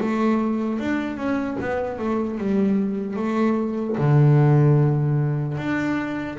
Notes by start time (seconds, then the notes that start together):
0.00 A3
0.80 D4
1.16 C#4
1.60 B3
1.99 A3
2.38 G3
3.16 A3
3.97 D3
5.57 D4